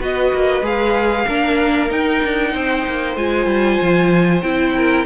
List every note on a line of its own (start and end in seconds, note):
0.00 0.33 B3
0.00 0.63 F#4
0.00 1.26 B4
0.00 0.66 D#5
0.34 0.62 A#3
0.62 1.25 G#3
0.62 1.27 G#4
0.62 1.92 F5
1.26 1.91 A#3
1.26 1.90 D4
1.26 2.52 A#4
1.90 3.16 D#4
1.90 2.23 D#4
1.90 3.17 G5
2.24 2.55 D4
2.53 2.86 C4
2.53 4.74 C5
2.88 3.17 A#3
3.17 3.47 G#3
3.17 4.43 F4
3.17 4.42 G#5
3.47 3.78 G3
3.82 4.43 F3
4.42 5.06 C4
4.42 5.06 E4
4.42 5.06 G5
4.76 5.06 A#4